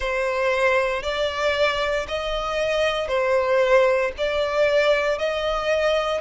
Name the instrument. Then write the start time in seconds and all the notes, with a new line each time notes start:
violin
0.00 C5
1.03 D5
2.07 D#5
3.08 C5
4.17 D5
5.18 D#5